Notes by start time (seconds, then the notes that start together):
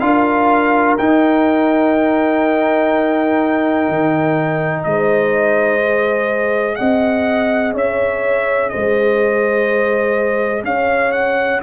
0.00 D4 F4 A#4 F5
0.98 D#4 G5
3.89 D#3
4.84 G#3 D#5
4.90 C5
5.81 G#4
6.75 C4 D#5 F#5
7.74 C#4 C#5 E5
8.69 C5 D#5
8.76 G#3
10.64 C#4 C#5 F5
11.12 F#5